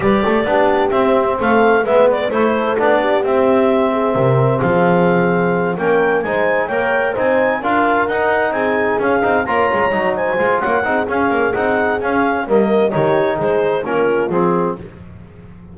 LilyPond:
<<
  \new Staff \with { instrumentName = "clarinet" } { \time 4/4 \tempo 4 = 130 d''2 e''4 f''4 | e''8 d''8 c''4 d''4 e''4~ | e''2 f''2~ | f''8 g''4 gis''4 g''4 gis''8~ |
gis''8 f''4 fis''4 gis''4 f''8~ | f''8 ais''4. gis''4 fis''4 | f''4 fis''4 f''4 dis''4 | cis''4 c''4 ais'4 gis'4 | }
  \new Staff \with { instrumentName = "horn" } { \time 4/4 b'8 a'8 g'2 a'4 | b'4 a'4. g'4.~ | g'8 gis'8 ais'4 gis'2~ | gis'8 ais'4 c''4 cis''4 c''8~ |
c''8 ais'2 gis'4.~ | gis'8 cis''4. c''4 cis''8 gis'8~ | gis'2. ais'4 | g'4 gis'4 f'2 | }
  \new Staff \with { instrumentName = "trombone" } { \time 4/4 g'4 d'4 c'2 | b4 e'4 d'4 c'4~ | c'1~ | c'8 cis'4 dis'4 ais'4 dis'8~ |
dis'8 f'4 dis'2 cis'8 | dis'8 f'4 dis'4 f'4 dis'8 | cis'4 dis'4 cis'4 ais4 | dis'2 cis'4 c'4 | }
  \new Staff \with { instrumentName = "double bass" } { \time 4/4 g8 a8 b4 c'4 a4 | gis4 a4 b4 c'4~ | c'4 c4 f2~ | f8 ais4 gis4 ais4 c'8~ |
c'8 d'4 dis'4 c'4 cis'8 | c'8 ais8 gis8 fis4 gis8 ais8 c'8 | cis'8 ais8 c'4 cis'4 g4 | dis4 gis4 ais4 f4 | }
>>